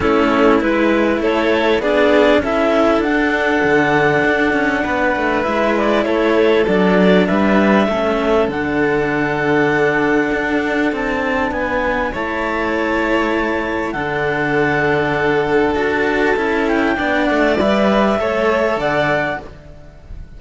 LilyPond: <<
  \new Staff \with { instrumentName = "clarinet" } { \time 4/4 \tempo 4 = 99 a'4 b'4 cis''4 d''4 | e''4 fis''2.~ | fis''4 e''8 d''8 cis''4 d''4 | e''2 fis''2~ |
fis''2 a''4 gis''4 | a''2. fis''4~ | fis''2 a''4. g''8~ | g''8 fis''8 e''2 fis''4 | }
  \new Staff \with { instrumentName = "violin" } { \time 4/4 e'2 a'4 gis'4 | a'1 | b'2 a'2 | b'4 a'2.~ |
a'2. b'4 | cis''2. a'4~ | a'1 | d''2 cis''4 d''4 | }
  \new Staff \with { instrumentName = "cello" } { \time 4/4 cis'4 e'2 d'4 | e'4 d'2.~ | d'4 e'2 d'4~ | d'4 cis'4 d'2~ |
d'1 | e'2. d'4~ | d'2 fis'4 e'4 | d'4 b'4 a'2 | }
  \new Staff \with { instrumentName = "cello" } { \time 4/4 a4 gis4 a4 b4 | cis'4 d'4 d4 d'8 cis'8 | b8 a8 gis4 a4 fis4 | g4 a4 d2~ |
d4 d'4 c'4 b4 | a2. d4~ | d2 d'4 cis'4 | b8 a8 g4 a4 d4 | }
>>